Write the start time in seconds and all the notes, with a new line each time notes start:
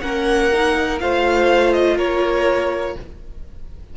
0.00 A#3 C#4 A#4 F#5
0.52 D#4
0.99 A3 F4 C5 F5
1.73 D#5
1.96 A#3 A#4 C#5